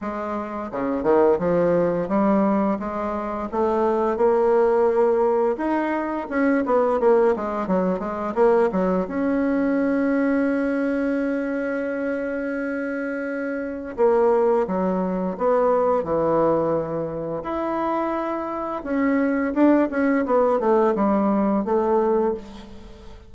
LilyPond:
\new Staff \with { instrumentName = "bassoon" } { \time 4/4 \tempo 4 = 86 gis4 cis8 dis8 f4 g4 | gis4 a4 ais2 | dis'4 cis'8 b8 ais8 gis8 fis8 gis8 | ais8 fis8 cis'2.~ |
cis'1 | ais4 fis4 b4 e4~ | e4 e'2 cis'4 | d'8 cis'8 b8 a8 g4 a4 | }